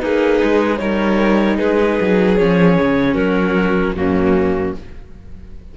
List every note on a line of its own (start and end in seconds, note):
0.00 0.42 A#3
0.00 0.79 D#4
0.00 0.79 G#4
0.00 0.78 B4
0.43 0.80 G#3
0.78 1.59 G3
0.78 2.37 D#4
0.78 1.57 A#4
0.78 1.57 C#5
1.57 2.00 G#3
1.57 3.14 G#4
1.57 2.37 B4
2.01 2.40 F#3
2.37 2.79 F3
2.37 3.96 C#4
2.37 3.15 C#5
2.80 3.15 C#3
3.14 3.94 F#3
3.14 3.93 F#4
3.14 3.94 A#4
3.94 4.73 F#2
3.94 4.75 A#3
3.94 4.77 C#4
3.94 4.75 F#4